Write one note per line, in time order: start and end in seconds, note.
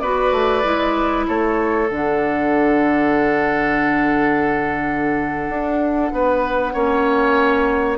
0.00 0.32 B3
0.00 0.63 F#4
0.00 1.26 B4
0.00 1.25 D5
0.32 0.63 A3
0.63 1.28 G#3
0.63 1.88 E4
1.28 1.90 A3
1.28 6.12 A4
1.28 1.90 C#5
1.90 5.49 D3
1.90 6.74 D4
1.90 7.98 F#5
5.49 6.12 D4
6.12 6.74 B3
6.12 6.74 B4
6.74 7.98 A#3
6.74 7.98 C#4
6.74 7.98 C#5